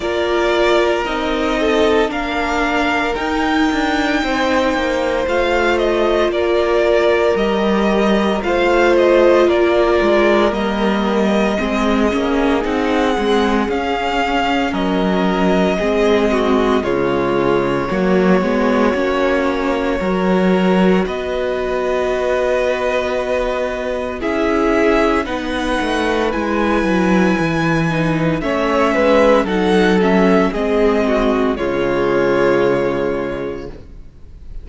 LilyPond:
<<
  \new Staff \with { instrumentName = "violin" } { \time 4/4 \tempo 4 = 57 d''4 dis''4 f''4 g''4~ | g''4 f''8 dis''8 d''4 dis''4 | f''8 dis''8 d''4 dis''2 | fis''4 f''4 dis''2 |
cis''1 | dis''2. e''4 | fis''4 gis''2 e''4 | fis''8 e''8 dis''4 cis''2 | }
  \new Staff \with { instrumentName = "violin" } { \time 4/4 ais'4. a'8 ais'2 | c''2 ais'2 | c''4 ais'2 gis'4~ | gis'2 ais'4 gis'8 fis'8 |
f'4 fis'2 ais'4 | b'2. gis'4 | b'2. cis''8 b'8 | a'4 gis'8 fis'8 f'2 | }
  \new Staff \with { instrumentName = "viola" } { \time 4/4 f'4 dis'4 d'4 dis'4~ | dis'4 f'2 g'4 | f'2 ais4 c'8 cis'8 | dis'8 c'8 cis'2 c'4 |
gis4 ais8 b8 cis'4 fis'4~ | fis'2. e'4 | dis'4 e'4. dis'8 cis'4 | dis'8 cis'8 c'4 gis2 | }
  \new Staff \with { instrumentName = "cello" } { \time 4/4 ais4 c'4 ais4 dis'8 d'8 | c'8 ais8 a4 ais4 g4 | a4 ais8 gis8 g4 gis8 ais8 | c'8 gis8 cis'4 fis4 gis4 |
cis4 fis8 gis8 ais4 fis4 | b2. cis'4 | b8 a8 gis8 fis8 e4 a8 gis8 | fis4 gis4 cis2 | }
>>